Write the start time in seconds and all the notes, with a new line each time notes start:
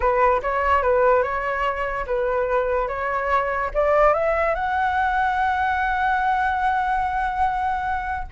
0.00 B4
0.42 C#5
0.82 B4
1.22 C#5
2.06 B4
2.87 C#5
3.74 D5
4.13 E5
4.54 F#5